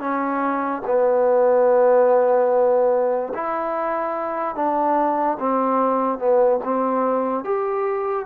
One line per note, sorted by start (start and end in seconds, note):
0.00 0.82 C#4
0.87 3.33 B3
3.34 4.55 E4
4.55 5.38 D4
5.39 6.19 C4
6.19 6.60 B3
6.65 7.44 C4
7.44 8.26 G4